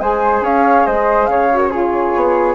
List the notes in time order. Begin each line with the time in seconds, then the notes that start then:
0.00 G#3 G#4 C5 G#5
0.41 C#4 C#5 F5
0.86 G#3 C5 D#5
1.25 C#3 C#5 F5
1.50 F#4
1.57 A#4
1.70 F4 G#4 C#5
2.15 B3